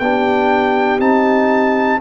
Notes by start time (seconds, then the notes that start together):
0.00 B3 D4 G4 G5
1.00 C4 D#4 A5